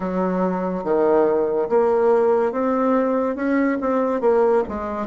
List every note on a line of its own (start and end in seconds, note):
0.00 0.84 F#3
0.84 1.68 D#3
1.69 2.52 A#3
2.52 3.35 C4
3.35 3.78 C#4
3.80 4.20 C4
4.20 4.62 A#3
4.68 5.06 G#3